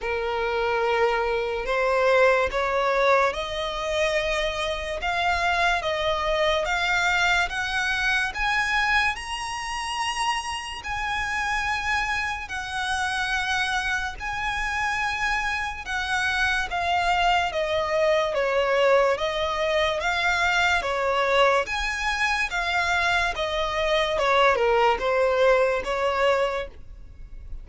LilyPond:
\new Staff \with { instrumentName = "violin" } { \time 4/4 \tempo 4 = 72 ais'2 c''4 cis''4 | dis''2 f''4 dis''4 | f''4 fis''4 gis''4 ais''4~ | ais''4 gis''2 fis''4~ |
fis''4 gis''2 fis''4 | f''4 dis''4 cis''4 dis''4 | f''4 cis''4 gis''4 f''4 | dis''4 cis''8 ais'8 c''4 cis''4 | }